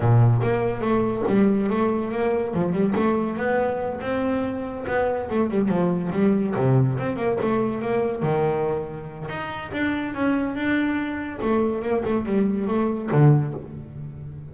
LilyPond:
\new Staff \with { instrumentName = "double bass" } { \time 4/4 \tempo 4 = 142 ais,4 ais4 a4 g4 | a4 ais4 f8 g8 a4 | b4. c'2 b8~ | b8 a8 g8 f4 g4 c8~ |
c8 c'8 ais8 a4 ais4 dis8~ | dis2 dis'4 d'4 | cis'4 d'2 a4 | ais8 a8 g4 a4 d4 | }